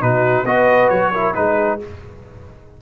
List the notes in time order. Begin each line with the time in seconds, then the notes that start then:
0.00 B2 D#4 F#4 B4
0.44 B3 F#4 B4 D#5
0.89 F#3 C#5
1.12 E4 A#4
1.34 G#3 D#4 G#4 B4